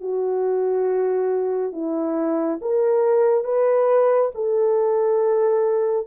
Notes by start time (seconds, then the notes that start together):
0.00 F#4
1.72 E4
2.61 A#4
3.44 B4
4.34 A4